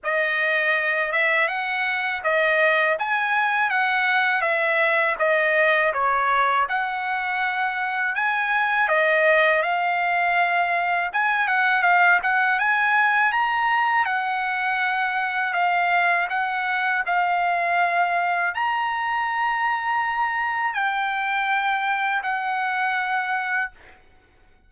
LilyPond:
\new Staff \with { instrumentName = "trumpet" } { \time 4/4 \tempo 4 = 81 dis''4. e''8 fis''4 dis''4 | gis''4 fis''4 e''4 dis''4 | cis''4 fis''2 gis''4 | dis''4 f''2 gis''8 fis''8 |
f''8 fis''8 gis''4 ais''4 fis''4~ | fis''4 f''4 fis''4 f''4~ | f''4 ais''2. | g''2 fis''2 | }